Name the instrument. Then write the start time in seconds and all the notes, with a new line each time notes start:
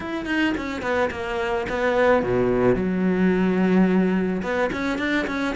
cello
0.00 E4
0.25 D#4
0.57 C#4
0.82 B3
1.11 A#3
1.69 B3
2.22 B2
2.75 F#3
4.42 B3
4.72 C#4
4.98 D4
5.27 C#4